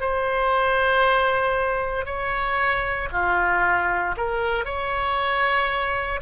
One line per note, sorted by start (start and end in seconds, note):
0.00 2.05 C5
2.05 3.08 C#5
3.12 4.15 F4
4.17 4.65 A#4
4.65 6.20 C#5